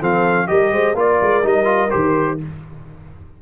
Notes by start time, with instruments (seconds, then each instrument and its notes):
0.00 tuba F3, trombone C4, horn A4, trumpet F5
0.47 tuba G3, trombone G4, horn A#4, trumpet D#5
0.71 tuba G#3, horn C5
0.94 tuba A#3, trombone F4, horn A#4, trumpet D5
1.22 tuba G#3
1.43 tuba G3, trombone D#4, trumpet D#5
1.65 trombone F4
1.90 tuba D#3, trombone G4, trumpet C5